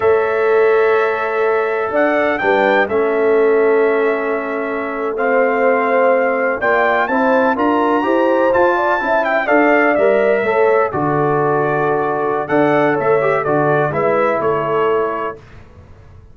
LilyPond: <<
  \new Staff \with { instrumentName = "trumpet" } { \time 4/4 \tempo 4 = 125 e''1 | fis''4 g''4 e''2~ | e''2~ e''8. f''4~ f''16~ | f''4.~ f''16 g''4 a''4 ais''16~ |
ais''4.~ ais''16 a''4. g''8 f''16~ | f''8. e''2 d''4~ d''16~ | d''2 fis''4 e''4 | d''4 e''4 cis''2 | }
  \new Staff \with { instrumentName = "horn" } { \time 4/4 cis''1 | d''4 b'4 a'2~ | a'2~ a'8. c''4~ c''16~ | c''4.~ c''16 d''4 c''4 ais'16~ |
ais'8. c''4. d''8 e''4 d''16~ | d''4.~ d''16 cis''4 a'4~ a'16~ | a'2 d''4 cis''4 | a'4 b'4 a'2 | }
  \new Staff \with { instrumentName = "trombone" } { \time 4/4 a'1~ | a'4 d'4 cis'2~ | cis'2~ cis'8. c'4~ c'16~ | c'4.~ c'16 f'4 e'4 f'16~ |
f'8. g'4 f'4 e'4 a'16~ | a'8. ais'4 a'4 fis'4~ fis'16~ | fis'2 a'4. g'8 | fis'4 e'2. | }
  \new Staff \with { instrumentName = "tuba" } { \time 4/4 a1 | d'4 g4 a2~ | a1~ | a4.~ a16 ais4 c'4 d'16~ |
d'8. e'4 f'4 cis'4 d'16~ | d'8. g4 a4 d4~ d16~ | d2 d'4 a4 | d4 gis4 a2 | }
>>